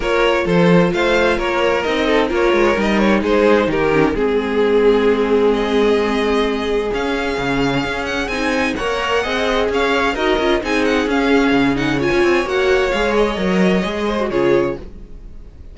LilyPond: <<
  \new Staff \with { instrumentName = "violin" } { \time 4/4 \tempo 4 = 130 cis''4 c''4 f''4 cis''4 | dis''4 cis''4 dis''8 cis''8 c''4 | ais'4 gis'2. | dis''2. f''4~ |
f''4. fis''8 gis''4 fis''4~ | fis''4 f''4 dis''4 gis''8 fis''8 | f''4. fis''8 gis''4 fis''4 | f''8 dis''2~ dis''8 cis''4 | }
  \new Staff \with { instrumentName = "violin" } { \time 4/4 ais'4 a'4 c''4 ais'4~ | ais'8 a'8 ais'2 gis'4 | g'4 gis'2.~ | gis'1~ |
gis'2. cis''4 | dis''4 cis''4 ais'4 gis'4~ | gis'2 cis''2~ | cis''2~ cis''8 c''8 gis'4 | }
  \new Staff \with { instrumentName = "viola" } { \time 4/4 f'1 | dis'4 f'4 dis'2~ | dis'8 cis'8 c'2.~ | c'2. cis'4~ |
cis'2 dis'4 ais'4 | gis'2 fis'8 f'8 dis'4 | cis'4. dis'8 f'4 fis'4 | gis'4 ais'4 gis'8. fis'16 f'4 | }
  \new Staff \with { instrumentName = "cello" } { \time 4/4 ais4 f4 a4 ais4 | c'4 ais8 gis8 g4 gis4 | dis4 gis2.~ | gis2. cis'4 |
cis4 cis'4 c'4 ais4 | c'4 cis'4 dis'8 cis'8 c'4 | cis'4 cis4~ cis16 cis'16 c'8 ais4 | gis4 fis4 gis4 cis4 | }
>>